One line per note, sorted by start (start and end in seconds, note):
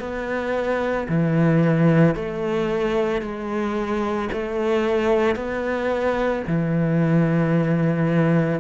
0.00 1.07 B3
1.09 2.15 E3
2.15 3.22 A3
3.22 4.29 G#3
4.33 5.36 A3
5.36 6.43 B3
6.47 8.61 E3